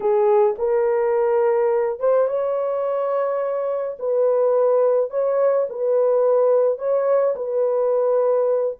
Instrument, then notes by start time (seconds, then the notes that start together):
horn
0.00 G#4
0.58 A#4
1.99 C5
2.27 C#5
3.99 B4
5.10 C#5
5.69 B4
6.78 C#5
7.35 B4